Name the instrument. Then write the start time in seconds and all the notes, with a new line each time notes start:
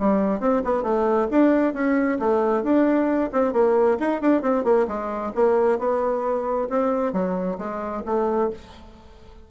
bassoon
0.00 G3
0.41 C4
0.65 B3
0.83 A3
1.31 D4
1.74 C#4
2.20 A3
2.64 D4
3.33 C4
3.53 A#3
4.00 D#4
4.22 D4
4.42 C4
4.64 A#3
4.88 G#3
5.35 A#3
5.79 B3
6.70 C4
7.13 F#3
7.58 G#3
8.06 A3